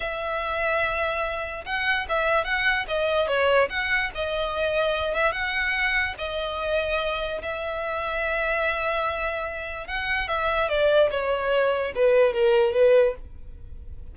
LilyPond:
\new Staff \with { instrumentName = "violin" } { \time 4/4 \tempo 4 = 146 e''1 | fis''4 e''4 fis''4 dis''4 | cis''4 fis''4 dis''2~ | dis''8 e''8 fis''2 dis''4~ |
dis''2 e''2~ | e''1 | fis''4 e''4 d''4 cis''4~ | cis''4 b'4 ais'4 b'4 | }